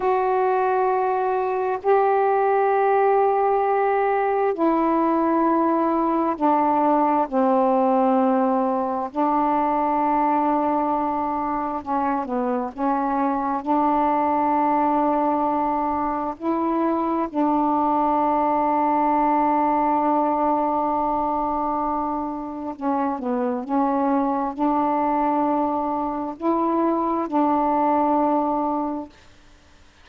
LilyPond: \new Staff \with { instrumentName = "saxophone" } { \time 4/4 \tempo 4 = 66 fis'2 g'2~ | g'4 e'2 d'4 | c'2 d'2~ | d'4 cis'8 b8 cis'4 d'4~ |
d'2 e'4 d'4~ | d'1~ | d'4 cis'8 b8 cis'4 d'4~ | d'4 e'4 d'2 | }